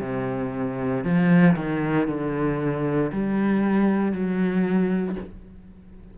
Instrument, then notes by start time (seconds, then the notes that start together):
cello
0.00 C3
1.03 F3
1.56 D#3
2.07 D3
3.12 G3
4.12 F#3